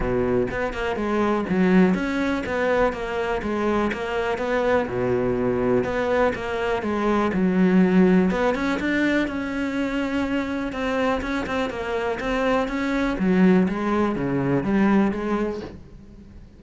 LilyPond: \new Staff \with { instrumentName = "cello" } { \time 4/4 \tempo 4 = 123 b,4 b8 ais8 gis4 fis4 | cis'4 b4 ais4 gis4 | ais4 b4 b,2 | b4 ais4 gis4 fis4~ |
fis4 b8 cis'8 d'4 cis'4~ | cis'2 c'4 cis'8 c'8 | ais4 c'4 cis'4 fis4 | gis4 cis4 g4 gis4 | }